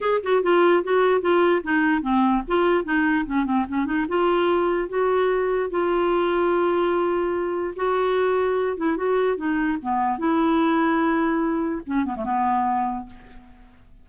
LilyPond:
\new Staff \with { instrumentName = "clarinet" } { \time 4/4 \tempo 4 = 147 gis'8 fis'8 f'4 fis'4 f'4 | dis'4 c'4 f'4 dis'4 | cis'8 c'8 cis'8 dis'8 f'2 | fis'2 f'2~ |
f'2. fis'4~ | fis'4. e'8 fis'4 dis'4 | b4 e'2.~ | e'4 cis'8 b16 a16 b2 | }